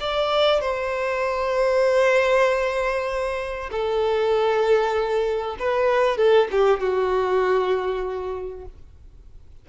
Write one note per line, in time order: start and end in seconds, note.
0.00 0.61 D5
0.61 3.70 C5
3.71 5.56 A4
5.59 6.17 B4
6.17 6.48 A4
6.51 6.80 G4
6.80 8.65 F#4